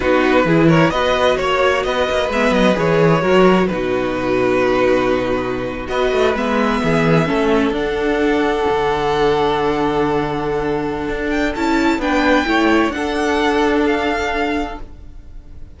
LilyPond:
<<
  \new Staff \with { instrumentName = "violin" } { \time 4/4 \tempo 4 = 130 b'4. cis''8 dis''4 cis''4 | dis''4 e''8 dis''8 cis''2 | b'1~ | b'8. dis''4 e''2~ e''16~ |
e''8. fis''2.~ fis''16~ | fis''1~ | fis''8 g''8 a''4 g''2 | fis''2 f''2 | }
  \new Staff \with { instrumentName = "violin" } { \time 4/4 fis'4 gis'8 ais'8 b'4 cis''4 | b'2. ais'4 | fis'1~ | fis'8. b'2 gis'4 a'16~ |
a'1~ | a'1~ | a'2 b'4 cis''4 | a'1 | }
  \new Staff \with { instrumentName = "viola" } { \time 4/4 dis'4 e'4 fis'2~ | fis'4 b4 gis'4 fis'4 | dis'1~ | dis'8. fis'4 b2 cis'16~ |
cis'8. d'2.~ d'16~ | d'1~ | d'4 e'4 d'4 e'4 | d'1 | }
  \new Staff \with { instrumentName = "cello" } { \time 4/4 b4 e4 b4 ais4 | b8 ais8 gis8 fis8 e4 fis4 | b,1~ | b,8. b8 a8 gis4 e4 a16~ |
a8. d'2 d4~ d16~ | d1 | d'4 cis'4 b4 a4 | d'1 | }
>>